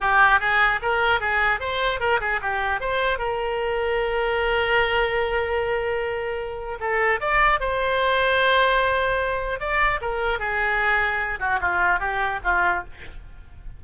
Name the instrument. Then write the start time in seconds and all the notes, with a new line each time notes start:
oboe
0.01 G4
0.40 G#4
0.82 A#4
1.20 G#4
1.60 C5
2.00 A#4
2.20 G#4
2.41 G4
2.80 C5
3.18 A#4
6.80 A4
7.20 D5
7.60 C5
9.60 D5
10.01 A#4
10.39 G#4
11.39 F#4
11.60 F4
11.99 G4
12.43 F4